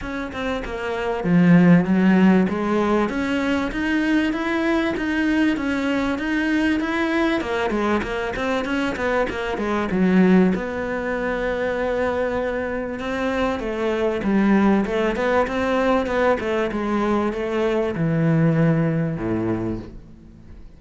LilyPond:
\new Staff \with { instrumentName = "cello" } { \time 4/4 \tempo 4 = 97 cis'8 c'8 ais4 f4 fis4 | gis4 cis'4 dis'4 e'4 | dis'4 cis'4 dis'4 e'4 | ais8 gis8 ais8 c'8 cis'8 b8 ais8 gis8 |
fis4 b2.~ | b4 c'4 a4 g4 | a8 b8 c'4 b8 a8 gis4 | a4 e2 a,4 | }